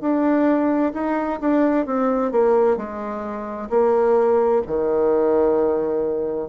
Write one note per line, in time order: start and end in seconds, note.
0.00 0.92 D4
0.93 1.39 D#4
1.40 1.86 D4
1.86 2.32 C4
2.32 2.77 A#3
2.77 3.69 G#3
3.70 4.62 A#3
4.67 6.48 D#3